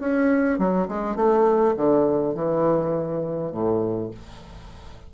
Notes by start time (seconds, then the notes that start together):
0.00 C#4
0.59 F#3
0.88 G#3
1.16 A3
1.76 D3
2.34 E3
3.52 A2